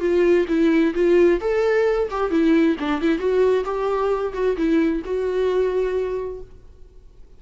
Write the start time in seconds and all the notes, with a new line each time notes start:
0.00 F4
0.48 E4
0.94 F4
1.40 A4
2.10 G4
2.30 E4
2.79 D4
3.01 E4
3.18 F#4
3.64 G4
4.33 F#4
4.57 E4
5.04 F#4